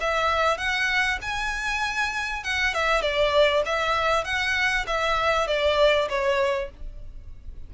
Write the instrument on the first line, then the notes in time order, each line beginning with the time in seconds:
violin
0.00 E5
0.57 F#5
1.21 G#5
2.43 F#5
2.74 E5
3.01 D5
3.65 E5
4.24 F#5
4.86 E5
5.47 D5
6.09 C#5